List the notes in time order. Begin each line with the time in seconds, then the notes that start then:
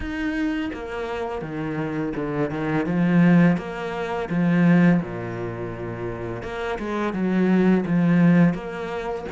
0.00 D#4
0.73 A#3
1.41 D#3
2.15 D3
2.50 D#3
2.85 F3
3.57 A#3
4.29 F3
5.01 A#2
6.43 A#3
6.78 G#3
7.13 F#3
7.86 F3
8.54 A#3